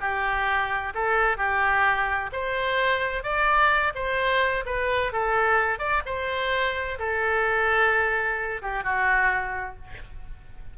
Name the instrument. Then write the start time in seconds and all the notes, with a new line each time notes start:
oboe
0.00 G4
0.94 A4
1.37 G4
2.32 C5
3.23 D5
3.95 C5
4.66 B4
5.12 A4
5.78 D5
6.05 C5
6.99 A4
8.62 G4
8.83 F#4